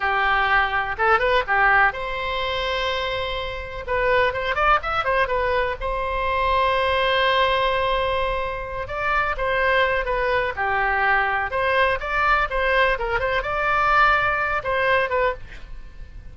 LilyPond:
\new Staff \with { instrumentName = "oboe" } { \time 4/4 \tempo 4 = 125 g'2 a'8 b'8 g'4 | c''1 | b'4 c''8 d''8 e''8 c''8 b'4 | c''1~ |
c''2~ c''8 d''4 c''8~ | c''4 b'4 g'2 | c''4 d''4 c''4 ais'8 c''8 | d''2~ d''8 c''4 b'8 | }